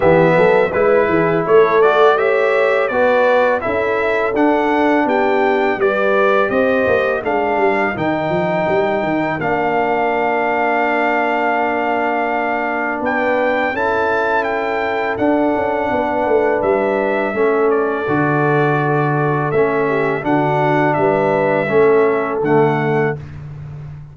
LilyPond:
<<
  \new Staff \with { instrumentName = "trumpet" } { \time 4/4 \tempo 4 = 83 e''4 b'4 cis''8 d''8 e''4 | d''4 e''4 fis''4 g''4 | d''4 dis''4 f''4 g''4~ | g''4 f''2.~ |
f''2 g''4 a''4 | g''4 fis''2 e''4~ | e''8 d''2~ d''8 e''4 | fis''4 e''2 fis''4 | }
  \new Staff \with { instrumentName = "horn" } { \time 4/4 g'8 a'8 b'8 gis'8 a'4 cis''4 | b'4 a'2 g'4 | b'4 c''4 ais'2~ | ais'1~ |
ais'2 b'4 a'4~ | a'2 b'2 | a'2.~ a'8 g'8 | fis'4 b'4 a'2 | }
  \new Staff \with { instrumentName = "trombone" } { \time 4/4 b4 e'4. fis'8 g'4 | fis'4 e'4 d'2 | g'2 d'4 dis'4~ | dis'4 d'2.~ |
d'2. e'4~ | e'4 d'2. | cis'4 fis'2 cis'4 | d'2 cis'4 a4 | }
  \new Staff \with { instrumentName = "tuba" } { \time 4/4 e8 fis8 gis8 e8 a2 | b4 cis'4 d'4 b4 | g4 c'8 ais8 gis8 g8 dis8 f8 | g8 dis8 ais2.~ |
ais2 b4 cis'4~ | cis'4 d'8 cis'8 b8 a8 g4 | a4 d2 a4 | d4 g4 a4 d4 | }
>>